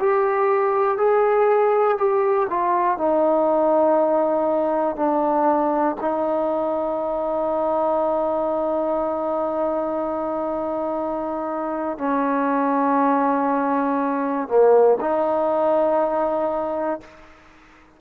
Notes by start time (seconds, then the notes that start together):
0.00 G4
0.98 G#4
1.98 G4
2.50 F4
2.98 D#4
4.96 D4
6.01 D#4
11.98 C#4
14.48 A#3
15.01 D#4